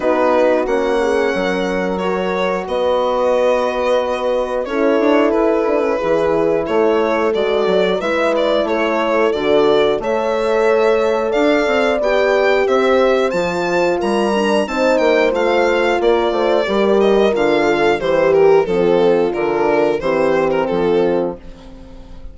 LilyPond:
<<
  \new Staff \with { instrumentName = "violin" } { \time 4/4 \tempo 4 = 90 b'4 fis''2 cis''4 | dis''2. cis''4 | b'2 cis''4 d''4 | e''8 d''8 cis''4 d''4 e''4~ |
e''4 f''4 g''4 e''4 | a''4 ais''4 a''8 g''8 f''4 | d''4. dis''8 f''4 c''8 ais'8 | a'4 ais'4 c''8. ais'16 a'4 | }
  \new Staff \with { instrumentName = "horn" } { \time 4/4 fis'4. gis'8 ais'2 | b'2. a'4~ | a'4 gis'4 a'2 | b'4 a'2 cis''4~ |
cis''4 d''2 c''4~ | c''4 ais'4 c''2 | ais'8 c''8 ais'4. a'8 g'4 | f'2 g'4 f'4 | }
  \new Staff \with { instrumentName = "horn" } { \time 4/4 dis'4 cis'2 fis'4~ | fis'2. e'4~ | e'8 d'16 cis'16 e'2 fis'4 | e'2 fis'4 a'4~ |
a'2 g'2 | f'4. d'8 dis'4 f'4~ | f'4 g'4 f'4 g'4 | c'4 d'4 c'2 | }
  \new Staff \with { instrumentName = "bassoon" } { \time 4/4 b4 ais4 fis2 | b2. cis'8 d'8 | e'4 e4 a4 gis8 fis8 | gis4 a4 d4 a4~ |
a4 d'8 c'8 b4 c'4 | f4 g4 c'8 ais8 a4 | ais8 a8 g4 d4 e4 | f4 d4 e4 f4 | }
>>